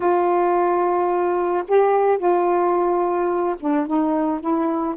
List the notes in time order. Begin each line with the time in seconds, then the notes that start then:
0.00 F4
1.68 G4
2.17 F4
3.60 D4
3.86 D#4
4.40 E4